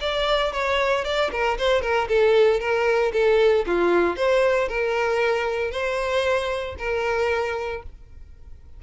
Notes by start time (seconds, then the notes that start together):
0.00 D5
0.52 C#5
1.04 D5
1.31 A#4
1.58 C5
1.81 A#4
2.08 A4
2.60 A#4
3.13 A4
3.66 F4
4.16 C5
4.68 A#4
5.71 C5
6.78 A#4